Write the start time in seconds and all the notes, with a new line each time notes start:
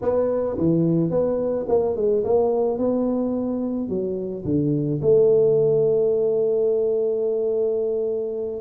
0.01 B3
0.57 E3
1.10 B3
1.68 A#3
1.96 G#3
2.24 A#3
2.78 B3
3.88 F#3
4.44 D3
5.02 A3